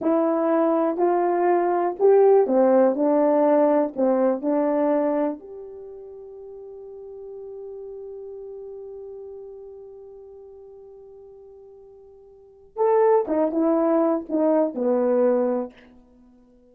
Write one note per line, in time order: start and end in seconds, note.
0.01 0.97 E4
0.97 1.95 F4
1.99 2.46 G4
2.46 2.95 C4
2.95 3.93 D4
3.96 4.41 C4
4.41 5.39 D4
5.39 12.76 G4
12.76 13.25 A4
13.27 13.51 D#4
13.51 14.25 E4
14.29 14.74 D#4
14.74 15.72 B3